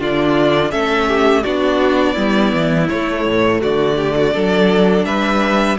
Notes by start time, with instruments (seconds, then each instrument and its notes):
0.00 cello D3, viola D4, violin F4 D5
0.71 cello A3, viola C#4, violin A4 E5
1.08 violin G4
1.43 cello B3, viola D4, violin F#4 D5
2.14 cello G3, viola B3, violin E4
2.53 cello E3
2.89 cello A3, viola A3, violin C#5
3.26 cello A2
3.61 cello D3, violin F#4 D5
3.96 violin G4
4.16 violin F#4
4.33 cello F#3, viola D4, violin A4
5.05 cello G3, violin B4 E5